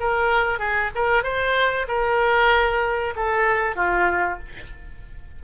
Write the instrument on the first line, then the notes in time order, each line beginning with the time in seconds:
oboe
0.00 A#4
0.59 G#4
0.95 A#4
1.23 C5
1.88 A#4
3.16 A4
3.76 F4